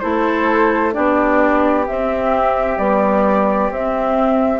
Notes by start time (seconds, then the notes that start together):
0.00 A3 E4 A4 C5
0.93 B3 D4 G4 D5
1.87 C4 E5
2.77 G3 B3 D5
3.70 C4 E5